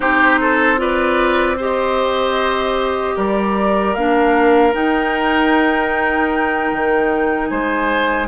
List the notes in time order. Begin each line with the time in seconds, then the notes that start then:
0.00 C4 D#4 G4 C5
0.40 A4
0.77 F4 B4 D5
1.57 G4 C5 D#5
3.15 G3 A#4 D5
3.94 A#3 D4 F5
4.73 D#4 G5
6.72 D#3
7.47 G#3 C5 G#5